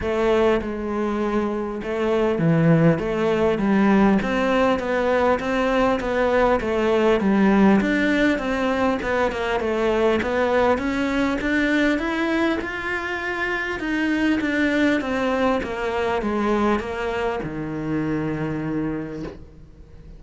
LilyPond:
\new Staff \with { instrumentName = "cello" } { \time 4/4 \tempo 4 = 100 a4 gis2 a4 | e4 a4 g4 c'4 | b4 c'4 b4 a4 | g4 d'4 c'4 b8 ais8 |
a4 b4 cis'4 d'4 | e'4 f'2 dis'4 | d'4 c'4 ais4 gis4 | ais4 dis2. | }